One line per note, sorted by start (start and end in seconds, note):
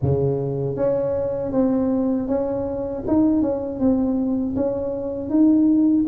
0.01 0.76 C#3
0.76 1.52 C#4
1.52 2.27 C4
2.27 3.03 C#4
3.07 3.41 D#4
3.41 3.79 C#4
3.79 4.55 C4
4.56 5.29 C#4
5.29 6.05 D#4